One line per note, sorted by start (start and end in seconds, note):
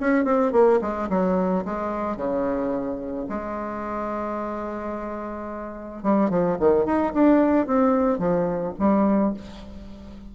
0.00 0.25 C#4
0.25 0.52 C4
0.52 0.80 A#3
0.81 1.09 G#3
1.09 1.64 F#3
1.65 2.17 G#3
2.17 3.27 C#3
3.29 6.03 G#3
6.03 6.30 G3
6.30 6.57 F3
6.59 6.85 D#3
6.85 7.13 D#4
7.14 7.67 D4
7.67 8.18 C4
8.18 8.73 F3
8.79 9.34 G3